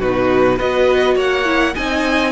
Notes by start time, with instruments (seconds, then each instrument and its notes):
0.00 cello B2, viola D#4, violin F#4 B4
0.57 cello B3, viola F#4, violin B4 D#5
1.16 cello A#3, violin C#5 F#5
1.45 viola E4
1.75 cello C4, viola D#4, violin D#5 G#5